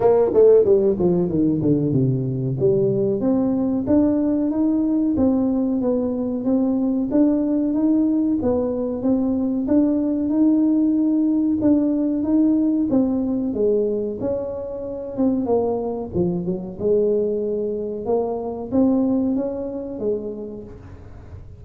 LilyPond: \new Staff \with { instrumentName = "tuba" } { \time 4/4 \tempo 4 = 93 ais8 a8 g8 f8 dis8 d8 c4 | g4 c'4 d'4 dis'4 | c'4 b4 c'4 d'4 | dis'4 b4 c'4 d'4 |
dis'2 d'4 dis'4 | c'4 gis4 cis'4. c'8 | ais4 f8 fis8 gis2 | ais4 c'4 cis'4 gis4 | }